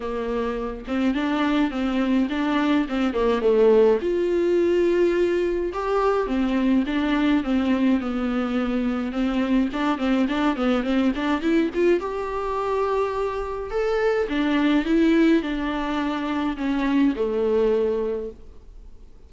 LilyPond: \new Staff \with { instrumentName = "viola" } { \time 4/4 \tempo 4 = 105 ais4. c'8 d'4 c'4 | d'4 c'8 ais8 a4 f'4~ | f'2 g'4 c'4 | d'4 c'4 b2 |
c'4 d'8 c'8 d'8 b8 c'8 d'8 | e'8 f'8 g'2. | a'4 d'4 e'4 d'4~ | d'4 cis'4 a2 | }